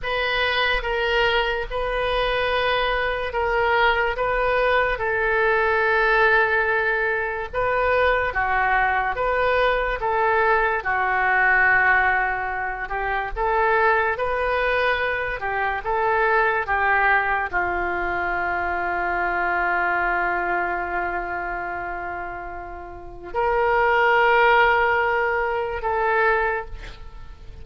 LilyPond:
\new Staff \with { instrumentName = "oboe" } { \time 4/4 \tempo 4 = 72 b'4 ais'4 b'2 | ais'4 b'4 a'2~ | a'4 b'4 fis'4 b'4 | a'4 fis'2~ fis'8 g'8 |
a'4 b'4. g'8 a'4 | g'4 f'2.~ | f'1 | ais'2. a'4 | }